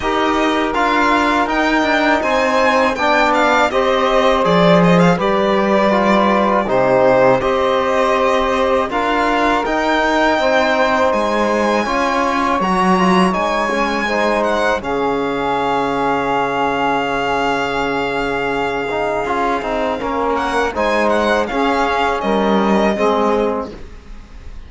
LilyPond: <<
  \new Staff \with { instrumentName = "violin" } { \time 4/4 \tempo 4 = 81 dis''4 f''4 g''4 gis''4 | g''8 f''8 dis''4 d''8 dis''16 f''16 d''4~ | d''4 c''4 dis''2 | f''4 g''2 gis''4~ |
gis''4 ais''4 gis''4. fis''8 | f''1~ | f''2.~ f''8 fis''8 | gis''8 fis''8 f''4 dis''2 | }
  \new Staff \with { instrumentName = "saxophone" } { \time 4/4 ais'2. c''4 | d''4 c''2 b'4~ | b'4 g'4 c''2 | ais'2 c''2 |
cis''2. c''4 | gis'1~ | gis'2. ais'4 | c''4 gis'4 ais'4 gis'4 | }
  \new Staff \with { instrumentName = "trombone" } { \time 4/4 g'4 f'4 dis'2 | d'4 g'4 gis'4 g'4 | f'4 dis'4 g'2 | f'4 dis'2. |
f'4 fis'8 f'8 dis'8 cis'8 dis'4 | cis'1~ | cis'4. dis'8 f'8 dis'8 cis'4 | dis'4 cis'2 c'4 | }
  \new Staff \with { instrumentName = "cello" } { \time 4/4 dis'4 d'4 dis'8 d'8 c'4 | b4 c'4 f4 g4~ | g4 c4 c'2 | d'4 dis'4 c'4 gis4 |
cis'4 fis4 gis2 | cis1~ | cis2 cis'8 c'8 ais4 | gis4 cis'4 g4 gis4 | }
>>